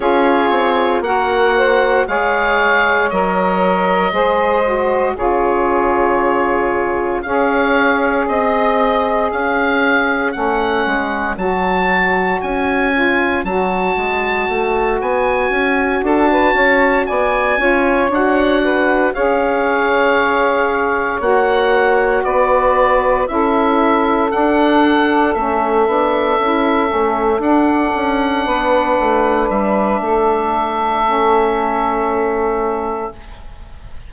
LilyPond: <<
  \new Staff \with { instrumentName = "oboe" } { \time 4/4 \tempo 4 = 58 cis''4 fis''4 f''4 dis''4~ | dis''4 cis''2 f''4 | dis''4 f''4 fis''4 a''4 | gis''4 a''4. gis''4 a''8~ |
a''8 gis''4 fis''4 f''4.~ | f''8 fis''4 d''4 e''4 fis''8~ | fis''8 e''2 fis''4.~ | fis''8 e''2.~ e''8 | }
  \new Staff \with { instrumentName = "saxophone" } { \time 4/4 gis'4 ais'8 c''8 cis''2 | c''4 gis'2 cis''4 | dis''4 cis''2.~ | cis''2.~ cis''8 a'16 b'16 |
cis''8 d''8 cis''4 b'8 cis''4.~ | cis''4. b'4 a'4.~ | a'2.~ a'8 b'8~ | b'4 a'2. | }
  \new Staff \with { instrumentName = "saxophone" } { \time 4/4 f'4 fis'4 gis'4 ais'4 | gis'8 fis'8 f'2 gis'4~ | gis'2 cis'4 fis'4~ | fis'8 f'8 fis'2.~ |
fis'4 f'8 fis'4 gis'4.~ | gis'8 fis'2 e'4 d'8~ | d'8 cis'8 d'8 e'8 cis'8 d'4.~ | d'2 cis'2 | }
  \new Staff \with { instrumentName = "bassoon" } { \time 4/4 cis'8 c'8 ais4 gis4 fis4 | gis4 cis2 cis'4 | c'4 cis'4 a8 gis8 fis4 | cis'4 fis8 gis8 a8 b8 cis'8 d'8 |
cis'8 b8 cis'8 d'4 cis'4.~ | cis'8 ais4 b4 cis'4 d'8~ | d'8 a8 b8 cis'8 a8 d'8 cis'8 b8 | a8 g8 a2. | }
>>